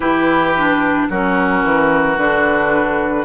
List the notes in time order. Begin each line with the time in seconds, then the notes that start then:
0.00 E3 E4 G4 B4
0.57 D4
1.09 F#3 C#4 F#4 A#4
1.63 E3
2.17 D3 D4 B4